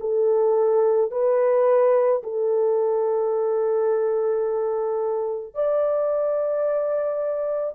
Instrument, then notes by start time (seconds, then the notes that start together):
horn
0.00 A4
1.11 B4
2.23 A4
5.54 D5